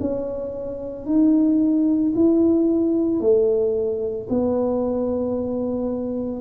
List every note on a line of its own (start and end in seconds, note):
0.00 1.05 C#4
1.05 2.12 D#4
2.15 3.20 E4
3.20 4.27 A3
4.29 6.41 B3